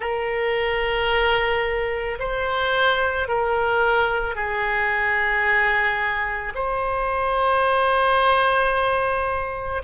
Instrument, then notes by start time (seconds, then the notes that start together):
oboe
0.00 A#4
2.19 C5
3.27 A#4
4.35 G#4
6.55 C5